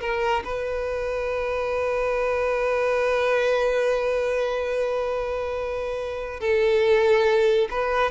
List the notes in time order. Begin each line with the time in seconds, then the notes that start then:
0.00 A#4
0.44 B4
6.40 A4
7.70 B4